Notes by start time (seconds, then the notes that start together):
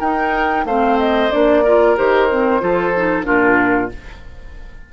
0.00 D#4 A#4 G5
0.65 A3 C4 C5 F5
0.99 D#5
1.31 A#3 D4 D5
1.64 F4 A#4
1.97 D#3 G4 C5
2.30 C4
2.61 F3 F4 A4
2.97 D#4
3.24 A#2 D4 F4 A#4